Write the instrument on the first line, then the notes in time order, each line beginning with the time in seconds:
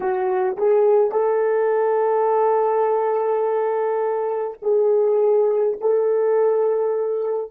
horn
0.00 F#4
0.57 G#4
1.11 A4
4.62 G#4
5.81 A4